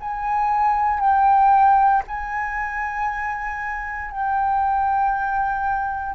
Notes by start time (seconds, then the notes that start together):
0.00 G#5
0.99 G5
2.07 G#5
4.11 G5